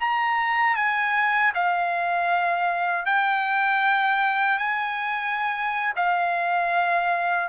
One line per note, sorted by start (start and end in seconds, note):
0.00 0.76 A#5
0.76 1.53 G#5
1.55 3.06 F5
3.06 4.59 G5
4.59 5.93 G#5
5.97 7.49 F5